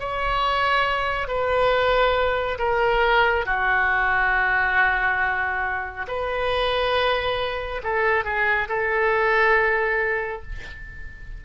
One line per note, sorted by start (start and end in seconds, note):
0.00 1.28 C#5
1.28 2.58 B4
2.59 3.46 A#4
3.46 6.07 F#4
6.08 7.82 B4
7.83 8.25 A4
8.25 8.68 G#4
8.69 10.43 A4